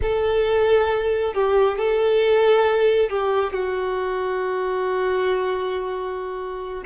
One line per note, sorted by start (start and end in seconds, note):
0.02 1.34 A4
1.34 1.78 G4
1.78 3.09 A4
3.09 3.53 G4
3.53 6.83 F#4